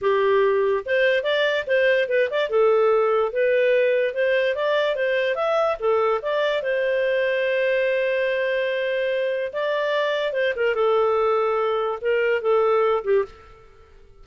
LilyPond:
\new Staff \with { instrumentName = "clarinet" } { \time 4/4 \tempo 4 = 145 g'2 c''4 d''4 | c''4 b'8 d''8 a'2 | b'2 c''4 d''4 | c''4 e''4 a'4 d''4 |
c''1~ | c''2. d''4~ | d''4 c''8 ais'8 a'2~ | a'4 ais'4 a'4. g'8 | }